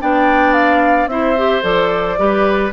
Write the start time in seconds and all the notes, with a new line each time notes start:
0.00 B3 D4 D5 G5
0.53 F5
1.06 C4 E4 C5 E5
1.37 G4
1.62 F3 A4 D5
2.18 G3 G4 B4